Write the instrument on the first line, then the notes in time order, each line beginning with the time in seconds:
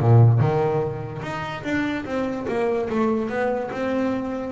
double bass
0.00 A#2
0.40 D#3
1.23 D#4
1.64 D4
2.05 C4
2.48 A#3
2.90 A3
3.30 B3
3.72 C4